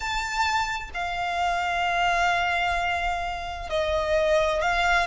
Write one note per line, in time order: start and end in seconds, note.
0.00 0.90 A5
0.94 3.69 F5
3.69 4.61 D#5
4.61 5.06 F5